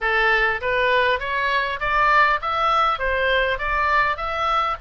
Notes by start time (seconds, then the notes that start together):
0.01 A4
0.61 B4
1.19 C#5
1.80 D5
2.41 E5
2.98 C5
3.58 D5
4.16 E5